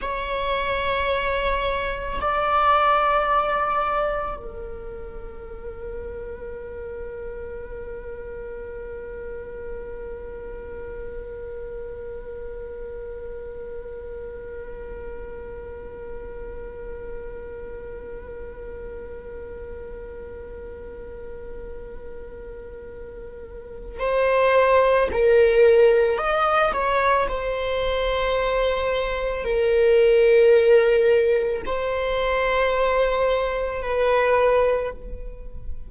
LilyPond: \new Staff \with { instrumentName = "viola" } { \time 4/4 \tempo 4 = 55 cis''2 d''2 | ais'1~ | ais'1~ | ais'1~ |
ais'1~ | ais'2 c''4 ais'4 | dis''8 cis''8 c''2 ais'4~ | ais'4 c''2 b'4 | }